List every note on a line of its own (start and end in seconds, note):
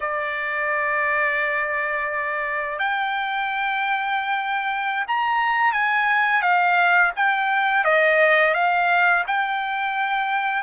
0.00 2.78 D5
2.78 5.05 G5
5.07 5.72 A#5
5.72 6.42 G#5
6.42 7.11 F5
7.16 7.84 G5
7.84 8.54 D#5
8.54 9.23 F5
9.27 10.62 G5